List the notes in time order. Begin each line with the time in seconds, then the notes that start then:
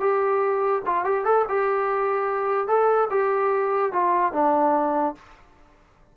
0.00 G4
0.86 F4
1.04 G4
1.25 A4
1.48 G4
2.67 A4
3.10 G4
3.92 F4
4.33 D4